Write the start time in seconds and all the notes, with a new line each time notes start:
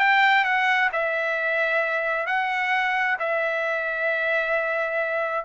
0.00 G5
0.45 F#5
0.93 E5
2.27 F#5
3.20 E5